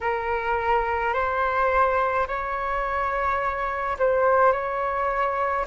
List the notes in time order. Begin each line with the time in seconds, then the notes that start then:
0.00 A#4
1.13 C5
2.27 C#5
3.98 C5
4.52 C#5